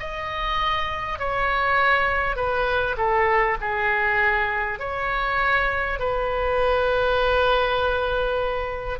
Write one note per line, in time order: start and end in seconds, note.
0.00 1.19 D#5
1.19 2.36 C#5
2.36 2.96 B4
2.98 3.58 A4
3.61 4.79 G#4
4.79 5.99 C#5
5.99 8.99 B4